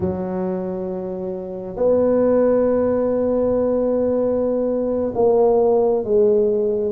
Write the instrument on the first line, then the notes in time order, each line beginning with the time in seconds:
tuba
0.00 F#3
1.76 B3
5.15 A#3
6.04 G#3